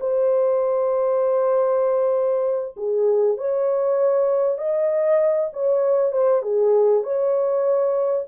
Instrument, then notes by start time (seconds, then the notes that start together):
horn
0.00 C5
2.77 G#4
3.38 C#5
4.58 D#5
5.53 C#5
6.12 C5
6.42 G#4
7.04 C#5